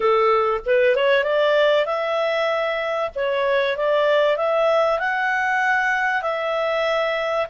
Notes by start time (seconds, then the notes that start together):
0.00 A4
0.65 B4
0.95 C#5
1.23 D5
1.85 E5
3.15 C#5
3.76 D5
4.37 E5
4.99 F#5
6.22 E5